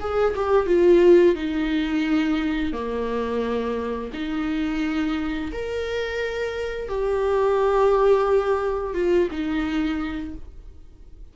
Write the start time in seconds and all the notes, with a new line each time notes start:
0.00 G#4
0.35 G4
0.66 F4
1.35 D#4
2.73 A#3
4.13 D#4
5.52 A#4
6.88 G4
8.94 F4
9.31 D#4